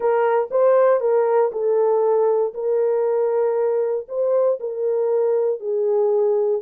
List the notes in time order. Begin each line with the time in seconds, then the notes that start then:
0.00 A#4
0.50 C5
1.00 A#4
1.51 A4
2.54 A#4
4.08 C5
4.60 A#4
5.59 G#4